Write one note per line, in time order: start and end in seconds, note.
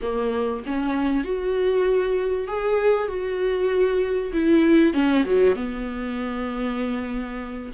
0.01 0.63 A#3
0.66 1.24 C#4
1.24 2.47 F#4
2.47 3.08 G#4
3.08 4.32 F#4
4.32 4.93 E4
4.93 5.24 C#4
5.25 5.55 F#3
5.55 7.72 B3